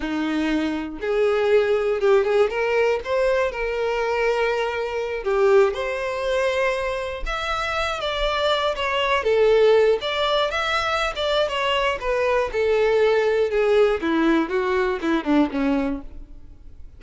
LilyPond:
\new Staff \with { instrumentName = "violin" } { \time 4/4 \tempo 4 = 120 dis'2 gis'2 | g'8 gis'8 ais'4 c''4 ais'4~ | ais'2~ ais'8 g'4 c''8~ | c''2~ c''8 e''4. |
d''4. cis''4 a'4. | d''4 e''4~ e''16 d''8. cis''4 | b'4 a'2 gis'4 | e'4 fis'4 e'8 d'8 cis'4 | }